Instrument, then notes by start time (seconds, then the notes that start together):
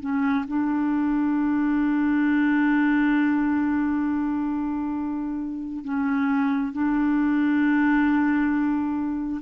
clarinet
0.00 C#4
0.47 D4
5.84 C#4
6.72 D4